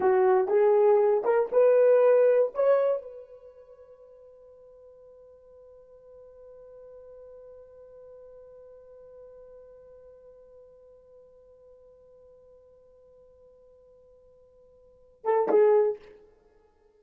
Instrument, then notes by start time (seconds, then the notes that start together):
horn
0.00 F#4
0.48 G#4
1.24 A#4
1.52 B4
2.54 C#5
3.02 B4
15.24 A4
15.48 G#4